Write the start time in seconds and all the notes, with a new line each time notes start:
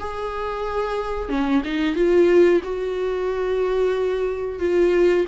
0.00 G#4
1.29 C#4
1.65 D#4
1.95 F4
2.64 F#4
4.59 F4